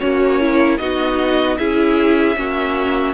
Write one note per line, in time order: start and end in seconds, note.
0.00 0.79 A#3
0.00 0.80 C#4
0.00 0.40 F#4
0.00 0.78 C#5
0.40 0.80 E4
0.78 1.58 B3
0.78 1.59 D#4
0.78 1.59 F#4
0.78 1.57 D#5
1.57 2.37 C#4
1.57 2.36 E4
1.57 2.37 G#4
1.57 3.13 E5
2.36 3.13 A#3
2.36 3.13 C#4
2.36 3.13 F#4